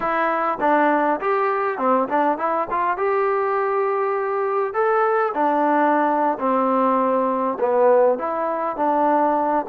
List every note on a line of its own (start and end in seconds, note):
0.00 0.58 E4
0.60 1.19 D4
1.20 1.78 G4
1.78 2.07 C4
2.08 2.38 D4
2.38 2.67 E4
2.70 2.97 F4
2.97 4.73 G4
4.73 5.32 A4
5.34 6.38 D4
6.39 7.57 C4
7.59 8.18 B3
8.18 8.76 E4
8.76 9.65 D4